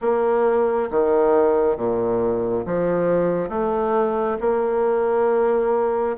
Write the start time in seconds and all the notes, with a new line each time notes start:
0.01 A#3
0.91 D#3
1.76 A#2
2.65 F3
3.49 A3
4.40 A#3